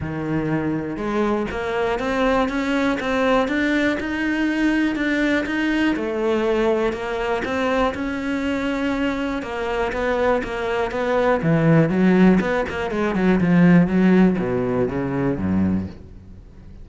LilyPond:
\new Staff \with { instrumentName = "cello" } { \time 4/4 \tempo 4 = 121 dis2 gis4 ais4 | c'4 cis'4 c'4 d'4 | dis'2 d'4 dis'4 | a2 ais4 c'4 |
cis'2. ais4 | b4 ais4 b4 e4 | fis4 b8 ais8 gis8 fis8 f4 | fis4 b,4 cis4 fis,4 | }